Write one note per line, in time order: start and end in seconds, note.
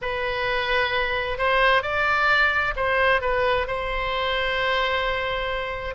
0.01 1.37 B4
1.37 1.82 C5
1.82 2.74 D5
2.76 3.21 C5
3.21 3.67 B4
3.67 5.95 C5